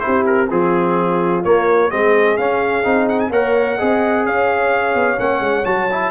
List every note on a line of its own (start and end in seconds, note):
0.00 0.47 E4
0.00 0.50 G4
0.00 0.24 C5
0.07 0.51 C4
0.26 0.50 A#4
0.50 1.45 F3
0.50 1.44 C4
0.50 1.91 F4
0.50 1.44 G#4
1.44 1.91 A#3
1.44 1.92 A#3
1.44 1.91 C#5
1.91 2.38 G#3
1.91 2.38 C4
1.91 3.31 G#4
1.91 2.37 D#5
2.37 2.85 C#4
2.37 2.84 C#4
2.37 3.08 F5
2.84 3.30 C4
2.84 3.31 D#4
3.09 3.20 F#5
3.20 3.31 G#5
3.30 3.77 A#3
3.30 3.79 A#4
3.30 3.78 C#5
3.30 4.26 F#5
3.78 4.26 C4
3.78 5.17 G#4
3.78 4.24 D#5
4.26 4.95 C#4
4.26 6.11 C#5
4.26 5.20 F5
4.95 5.18 B3
5.17 5.40 A#3
5.17 5.64 C#4
5.17 5.65 F#5
5.40 5.64 G#3
5.65 6.11 F#3
5.65 5.88 F#4
5.65 6.11 A5
5.91 6.11 E4